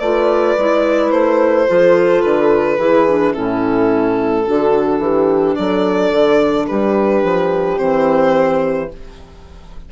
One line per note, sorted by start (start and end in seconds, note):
0.00 0.56 A3
0.00 0.58 F4
0.00 1.68 B4
0.00 1.11 D5
0.57 1.12 G#3
0.57 1.67 E4
1.11 1.67 A3
1.11 2.22 C5
1.67 2.24 F3
1.67 2.78 F4
1.67 2.79 A4
2.22 2.78 D3
2.22 3.33 B4
2.78 3.34 E3
2.78 3.06 E4
2.78 3.33 G#4
3.08 3.34 D4
3.33 4.48 A2
3.33 4.45 C#4
3.33 4.44 E4
3.33 5.55 A4
4.45 4.99 D3
4.45 7.78 D4
4.45 5.03 F#4
4.99 5.55 E3
4.99 5.58 G4
5.55 6.12 F#3
5.55 6.69 A4
5.55 6.66 D5
6.12 6.68 D3
6.68 7.24 G3
6.68 8.91 G4
6.68 7.78 B4
7.24 7.79 F3
7.78 8.92 E3
7.78 8.89 C4
7.78 8.89 C5